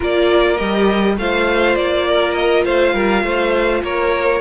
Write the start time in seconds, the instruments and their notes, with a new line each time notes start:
0.00 cello A#3, viola F4, violin A#4 D5
0.57 cello G3, viola G4, violin D#5
1.17 cello A3, viola F4, violin C5 F5
1.75 cello A#3, violin D5
2.08 violin A#4
2.34 violin D#5
2.64 cello A3, violin C5 F5
2.93 cello G3, violin A#4
3.23 cello A3, violin C5
3.82 cello A#3, violin A#4 C#5